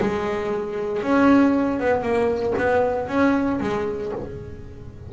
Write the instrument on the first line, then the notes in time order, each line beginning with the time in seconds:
double bass
0.00 G#3
1.03 C#4
1.80 B3
2.02 A#3
2.58 B3
3.08 C#4
3.61 G#3